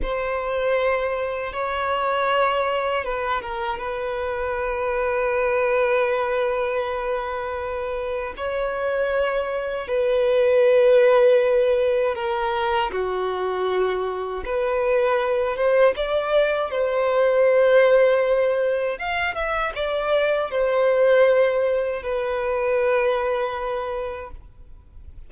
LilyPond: \new Staff \with { instrumentName = "violin" } { \time 4/4 \tempo 4 = 79 c''2 cis''2 | b'8 ais'8 b'2.~ | b'2. cis''4~ | cis''4 b'2. |
ais'4 fis'2 b'4~ | b'8 c''8 d''4 c''2~ | c''4 f''8 e''8 d''4 c''4~ | c''4 b'2. | }